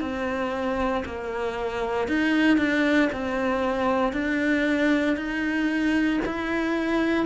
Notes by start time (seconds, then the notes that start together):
0.00 C4
1.05 A#3
2.08 D#4
2.57 D4
3.12 C4
4.12 D4
5.16 D#4
6.25 E4